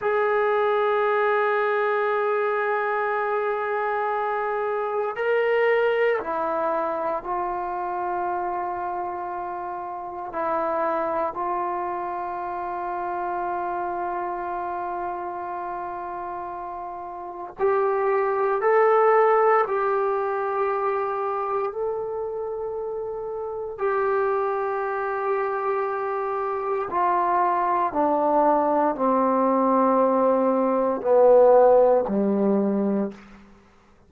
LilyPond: \new Staff \with { instrumentName = "trombone" } { \time 4/4 \tempo 4 = 58 gis'1~ | gis'4 ais'4 e'4 f'4~ | f'2 e'4 f'4~ | f'1~ |
f'4 g'4 a'4 g'4~ | g'4 a'2 g'4~ | g'2 f'4 d'4 | c'2 b4 g4 | }